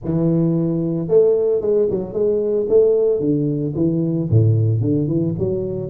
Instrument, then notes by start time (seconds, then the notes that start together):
tuba
0.04 E3
1.07 A3
1.61 G#3
1.90 F#3
2.13 G#3
2.68 A3
3.20 D3
3.75 E3
4.30 A2
4.81 D3
5.07 E3
5.38 F#3